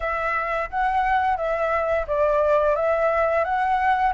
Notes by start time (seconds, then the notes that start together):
0.00 E5
0.70 F#5
1.36 E5
2.07 D5
2.75 E5
3.44 F#5